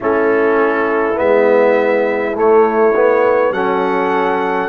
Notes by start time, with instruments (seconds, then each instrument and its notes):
0.00 tuba A3, trombone C#4, horn E4, trumpet A4
1.14 tuba G#3, trombone B3, trumpet E5
2.35 trombone A3, tuba A3, trumpet C#5
2.95 trombone B3
3.50 tuba F#3, trombone C#4, horn A4, trumpet F#5